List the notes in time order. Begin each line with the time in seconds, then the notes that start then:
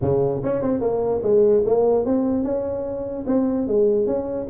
0.01 C#3
0.43 C#4
0.61 C4
0.81 A#3
1.22 G#3
1.65 A#3
2.05 C4
2.43 C#4
3.26 C4
3.67 G#3
4.06 C#4